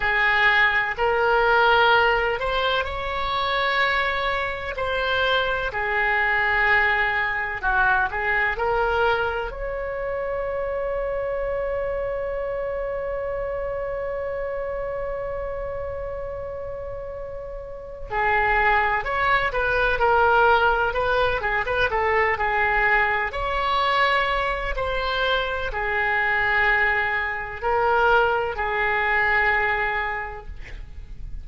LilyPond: \new Staff \with { instrumentName = "oboe" } { \time 4/4 \tempo 4 = 63 gis'4 ais'4. c''8 cis''4~ | cis''4 c''4 gis'2 | fis'8 gis'8 ais'4 cis''2~ | cis''1~ |
cis''2. gis'4 | cis''8 b'8 ais'4 b'8 gis'16 b'16 a'8 gis'8~ | gis'8 cis''4. c''4 gis'4~ | gis'4 ais'4 gis'2 | }